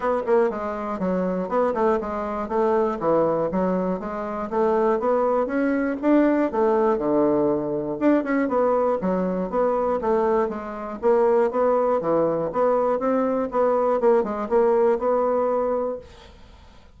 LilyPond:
\new Staff \with { instrumentName = "bassoon" } { \time 4/4 \tempo 4 = 120 b8 ais8 gis4 fis4 b8 a8 | gis4 a4 e4 fis4 | gis4 a4 b4 cis'4 | d'4 a4 d2 |
d'8 cis'8 b4 fis4 b4 | a4 gis4 ais4 b4 | e4 b4 c'4 b4 | ais8 gis8 ais4 b2 | }